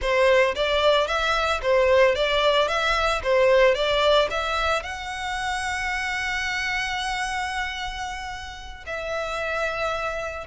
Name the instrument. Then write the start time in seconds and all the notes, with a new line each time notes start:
violin
0.01 C5
0.55 D5
1.07 E5
1.62 C5
2.15 D5
2.68 E5
3.23 C5
3.75 D5
4.30 E5
4.82 F#5
8.86 E5